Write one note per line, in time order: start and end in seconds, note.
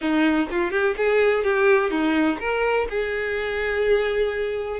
0.01 0.49 D#4
0.50 0.71 F4
0.71 0.95 G4
0.97 1.44 G#4
1.44 1.90 G4
1.90 2.38 D#4
2.39 2.87 A#4
2.89 4.80 G#4